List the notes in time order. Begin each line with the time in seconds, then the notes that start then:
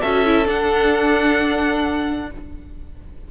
0.00 C#4 F#4 A4 E5
0.26 E4
0.45 D4 F#5